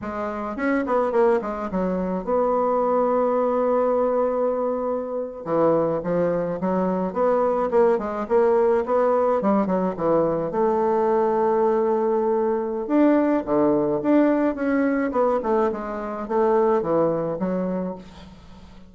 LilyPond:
\new Staff \with { instrumentName = "bassoon" } { \time 4/4 \tempo 4 = 107 gis4 cis'8 b8 ais8 gis8 fis4 | b1~ | b4.~ b16 e4 f4 fis16~ | fis8. b4 ais8 gis8 ais4 b16~ |
b8. g8 fis8 e4 a4~ a16~ | a2. d'4 | d4 d'4 cis'4 b8 a8 | gis4 a4 e4 fis4 | }